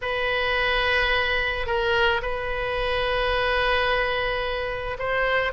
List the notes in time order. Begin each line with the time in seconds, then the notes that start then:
0.01 B4
1.66 A#4
2.22 B4
4.98 C5